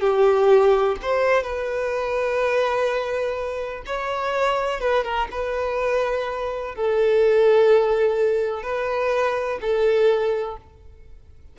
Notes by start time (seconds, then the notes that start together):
0.00 G4
1.02 C5
1.43 B4
3.86 C#5
4.80 B4
5.04 A#4
5.31 B4
6.75 A4
8.63 B4
9.61 A4